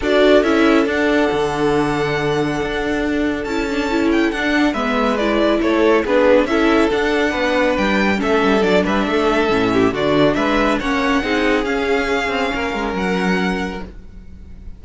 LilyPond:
<<
  \new Staff \with { instrumentName = "violin" } { \time 4/4 \tempo 4 = 139 d''4 e''4 fis''2~ | fis''1 | a''4. g''8 fis''4 e''4 | d''4 cis''4 b'4 e''4 |
fis''2 g''4 e''4 | d''8 e''2~ e''8 d''4 | e''4 fis''2 f''4~ | f''2 fis''2 | }
  \new Staff \with { instrumentName = "violin" } { \time 4/4 a'1~ | a'1~ | a'2. b'4~ | b'4 a'4 gis'4 a'4~ |
a'4 b'2 a'4~ | a'8 b'8 a'4. g'8 fis'4 | b'4 cis''4 gis'2~ | gis'4 ais'2. | }
  \new Staff \with { instrumentName = "viola" } { \time 4/4 fis'4 e'4 d'2~ | d'1 | e'8 d'8 e'4 d'4 b4 | e'2 d'4 e'4 |
d'2. cis'4 | d'2 cis'4 d'4~ | d'4 cis'4 dis'4 cis'4~ | cis'1 | }
  \new Staff \with { instrumentName = "cello" } { \time 4/4 d'4 cis'4 d'4 d4~ | d2 d'2 | cis'2 d'4 gis4~ | gis4 a4 b4 cis'4 |
d'4 b4 g4 a8 g8 | fis8 g8 a4 a,4 d4 | gis4 ais4 c'4 cis'4~ | cis'8 c'8 ais8 gis8 fis2 | }
>>